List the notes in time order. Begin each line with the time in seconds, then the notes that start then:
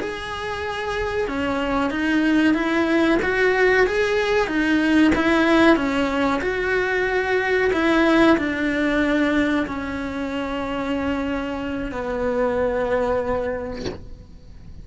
0.00 G#4
1.28 C#4
1.90 D#4
2.54 E4
3.22 F#4
3.87 G#4
4.47 D#4
5.15 E4
5.76 C#4
6.41 F#4
7.72 E4
8.37 D4
9.67 C#4
11.91 B3